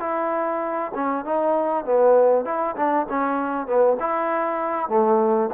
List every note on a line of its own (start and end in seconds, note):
0.00 0.92 E4
0.95 1.25 C#4
1.25 1.85 D#4
1.85 2.45 B3
2.45 2.76 E4
2.76 3.07 D4
3.09 3.67 C#4
3.67 3.97 B3
4.00 4.89 E4
4.89 5.50 A3